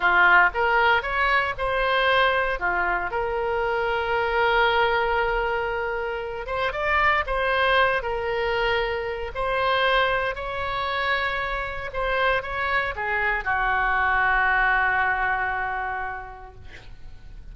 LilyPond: \new Staff \with { instrumentName = "oboe" } { \time 4/4 \tempo 4 = 116 f'4 ais'4 cis''4 c''4~ | c''4 f'4 ais'2~ | ais'1~ | ais'8 c''8 d''4 c''4. ais'8~ |
ais'2 c''2 | cis''2. c''4 | cis''4 gis'4 fis'2~ | fis'1 | }